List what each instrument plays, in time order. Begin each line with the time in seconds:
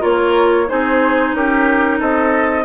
0.00 bassoon A#3, clarinet F4, oboe A#4, flute C#5
0.67 bassoon C4, clarinet D#4, oboe G#4, flute C5
1.33 bassoon C#4, oboe G4, flute A#4
1.99 bassoon C4, oboe A4, flute D#5